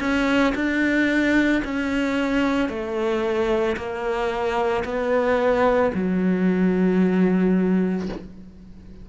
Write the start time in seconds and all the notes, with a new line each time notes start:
0.00 C#4
0.55 D4
1.64 C#4
2.69 A3
3.77 A#3
4.85 B3
5.94 F#3